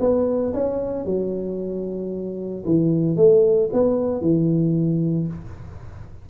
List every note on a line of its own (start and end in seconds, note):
0.00 0.53 B3
0.54 1.05 C#4
1.05 2.65 F#3
2.65 3.16 E3
3.16 3.70 A3
3.73 4.21 B3
4.21 5.27 E3